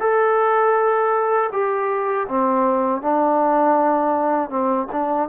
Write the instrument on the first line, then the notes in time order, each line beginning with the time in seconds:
trombone
0.00 A4
1.52 G4
2.28 C4
3.02 D4
4.50 C4
4.92 D4